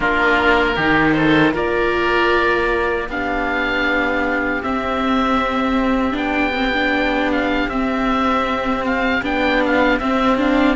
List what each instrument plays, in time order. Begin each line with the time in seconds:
0.00 cello A#3, viola D4, oboe F4 A#4
0.75 cello D#3, viola D#4, oboe G4
1.12 oboe A4 C5
1.52 cello A#3, viola F4, oboe A#4 D5
3.07 cello B3, viola D4, oboe G4 F5
4.62 viola C4, cello C4, oboe E5
6.12 cello B3, viola D4, oboe G5
6.53 viola C4
6.73 viola D4
7.32 oboe F5
7.68 cello C4, viola C4, oboe E5
8.85 oboe F5
9.22 cello B3, viola D4, oboe G5
9.65 oboe F5
9.99 cello C4, viola C4, oboe E5
10.37 viola D4, oboe F5